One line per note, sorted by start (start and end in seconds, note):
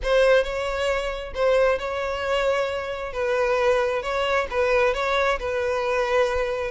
0.03 0.43 C5
0.43 1.33 C#5
1.34 1.78 C5
1.78 3.12 C#5
3.12 4.02 B4
4.02 4.47 C#5
4.50 4.94 B4
4.94 5.38 C#5
5.39 6.71 B4